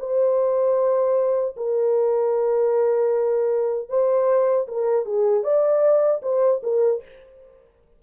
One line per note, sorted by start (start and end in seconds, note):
0.00 1.56 C5
1.57 3.89 A#4
3.89 4.67 C5
4.68 5.06 A#4
5.06 5.44 G#4
5.44 6.22 D5
6.23 6.62 C5
6.63 7.02 A#4